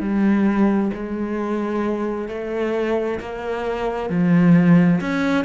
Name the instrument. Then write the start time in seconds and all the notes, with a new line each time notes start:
cello
0.00 G3
0.93 G#3
2.29 A3
3.20 A#3
4.10 F3
5.01 C#4